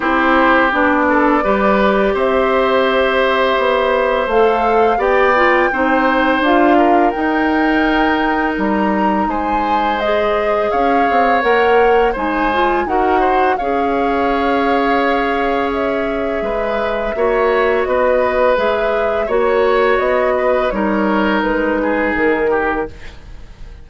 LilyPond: <<
  \new Staff \with { instrumentName = "flute" } { \time 4/4 \tempo 4 = 84 c''4 d''2 e''4~ | e''2 f''4 g''4~ | g''4 f''4 g''2 | ais''4 gis''4 dis''4 f''4 |
fis''4 gis''4 fis''4 f''4~ | f''2 e''2~ | e''4 dis''4 e''4 cis''4 | dis''4 cis''4 b'4 ais'4 | }
  \new Staff \with { instrumentName = "oboe" } { \time 4/4 g'4. a'8 b'4 c''4~ | c''2. d''4 | c''4. ais'2~ ais'8~ | ais'4 c''2 cis''4~ |
cis''4 c''4 ais'8 c''8 cis''4~ | cis''2. b'4 | cis''4 b'2 cis''4~ | cis''8 b'8 ais'4. gis'4 g'8 | }
  \new Staff \with { instrumentName = "clarinet" } { \time 4/4 e'4 d'4 g'2~ | g'2 a'4 g'8 f'8 | dis'4 f'4 dis'2~ | dis'2 gis'2 |
ais'4 dis'8 f'8 fis'4 gis'4~ | gis'1 | fis'2 gis'4 fis'4~ | fis'4 dis'2. | }
  \new Staff \with { instrumentName = "bassoon" } { \time 4/4 c'4 b4 g4 c'4~ | c'4 b4 a4 b4 | c'4 d'4 dis'2 | g4 gis2 cis'8 c'8 |
ais4 gis4 dis'4 cis'4~ | cis'2. gis4 | ais4 b4 gis4 ais4 | b4 g4 gis4 dis4 | }
>>